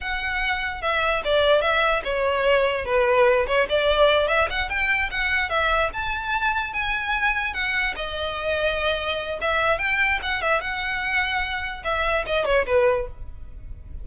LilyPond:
\new Staff \with { instrumentName = "violin" } { \time 4/4 \tempo 4 = 147 fis''2 e''4 d''4 | e''4 cis''2 b'4~ | b'8 cis''8 d''4. e''8 fis''8 g''8~ | g''8 fis''4 e''4 a''4.~ |
a''8 gis''2 fis''4 dis''8~ | dis''2. e''4 | g''4 fis''8 e''8 fis''2~ | fis''4 e''4 dis''8 cis''8 b'4 | }